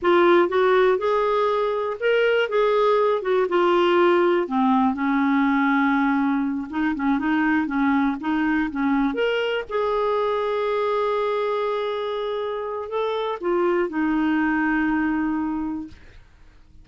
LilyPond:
\new Staff \with { instrumentName = "clarinet" } { \time 4/4 \tempo 4 = 121 f'4 fis'4 gis'2 | ais'4 gis'4. fis'8 f'4~ | f'4 c'4 cis'2~ | cis'4. dis'8 cis'8 dis'4 cis'8~ |
cis'8 dis'4 cis'4 ais'4 gis'8~ | gis'1~ | gis'2 a'4 f'4 | dis'1 | }